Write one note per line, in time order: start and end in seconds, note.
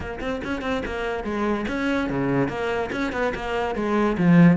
0.00 0.19 A#3
0.20 0.41 C4
0.43 0.61 C#4
0.61 0.82 C4
0.85 1.23 A#3
1.23 1.65 G#3
1.68 2.09 C#4
2.09 2.48 C#3
2.48 2.90 A#3
2.91 3.12 C#4
3.12 3.33 B3
3.34 3.75 A#3
3.75 4.16 G#3
4.17 4.56 F3